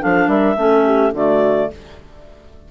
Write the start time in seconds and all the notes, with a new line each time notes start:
0.00 F3 D4 A4 F5
0.28 G3 A#4 E5
0.57 A3 C#4 A4
0.86 G4
1.13 D3 A3 F#4 D5